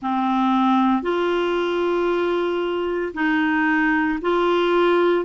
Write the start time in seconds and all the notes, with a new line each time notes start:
0.01 C4
1.02 F4
3.13 D#4
4.21 F4